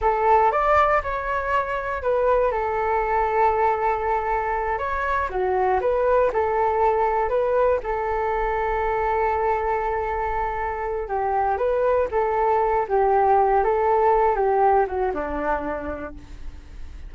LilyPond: \new Staff \with { instrumentName = "flute" } { \time 4/4 \tempo 4 = 119 a'4 d''4 cis''2 | b'4 a'2.~ | a'4. cis''4 fis'4 b'8~ | b'8 a'2 b'4 a'8~ |
a'1~ | a'2 g'4 b'4 | a'4. g'4. a'4~ | a'8 g'4 fis'8 d'2 | }